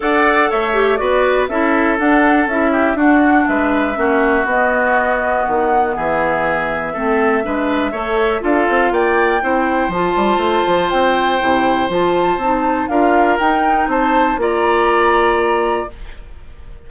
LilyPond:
<<
  \new Staff \with { instrumentName = "flute" } { \time 4/4 \tempo 4 = 121 fis''4 e''4 d''4 e''4 | fis''4 e''4 fis''4 e''4~ | e''4 dis''2 fis''4 | e''1~ |
e''4 f''4 g''2 | a''2 g''2 | a''2 f''4 g''4 | a''4 ais''2. | }
  \new Staff \with { instrumentName = "oboe" } { \time 4/4 d''4 cis''4 b'4 a'4~ | a'4. g'8 fis'4 b'4 | fis'1 | gis'2 a'4 b'4 |
cis''4 a'4 d''4 c''4~ | c''1~ | c''2 ais'2 | c''4 d''2. | }
  \new Staff \with { instrumentName = "clarinet" } { \time 4/4 a'4. g'8 fis'4 e'4 | d'4 e'4 d'2 | cis'4 b2.~ | b2 c'4 d'4 |
a'4 f'2 e'4 | f'2. e'4 | f'4 dis'4 f'4 dis'4~ | dis'4 f'2. | }
  \new Staff \with { instrumentName = "bassoon" } { \time 4/4 d'4 a4 b4 cis'4 | d'4 cis'4 d'4 gis4 | ais4 b2 dis4 | e2 a4 gis4 |
a4 d'8 c'8 ais4 c'4 | f8 g8 a8 f8 c'4 c4 | f4 c'4 d'4 dis'4 | c'4 ais2. | }
>>